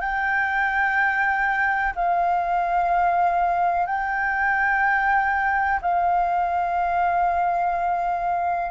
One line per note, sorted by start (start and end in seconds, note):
0.00 1.94 G5
1.95 3.86 F5
3.86 5.79 G5
5.82 8.71 F5